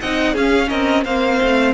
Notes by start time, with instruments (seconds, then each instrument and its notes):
0.00 cello C4, viola D#4, violin D#5 F#5
0.33 viola C#4, cello C#4, violin G#4 F5
0.69 cello C4, violin A#4 D#5
1.04 cello A#3, viola C4, violin C5 F5
1.41 cello A3